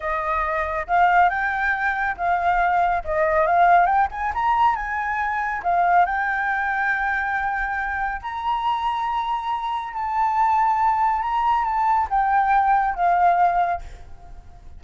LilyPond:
\new Staff \with { instrumentName = "flute" } { \time 4/4 \tempo 4 = 139 dis''2 f''4 g''4~ | g''4 f''2 dis''4 | f''4 g''8 gis''8 ais''4 gis''4~ | gis''4 f''4 g''2~ |
g''2. ais''4~ | ais''2. a''4~ | a''2 ais''4 a''4 | g''2 f''2 | }